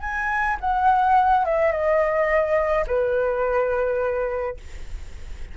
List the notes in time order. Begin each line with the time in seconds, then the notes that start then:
0.00 G#5
0.60 F#5
1.45 E5
1.72 D#5
2.87 B4